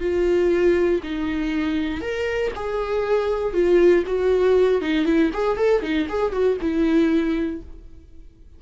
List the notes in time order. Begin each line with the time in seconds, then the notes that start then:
0.00 F4
1.03 D#4
2.01 A#4
2.55 G#4
3.53 F4
4.06 F#4
4.81 D#4
5.05 E4
5.33 G#4
5.57 A4
5.82 D#4
6.09 G#4
6.32 F#4
6.61 E4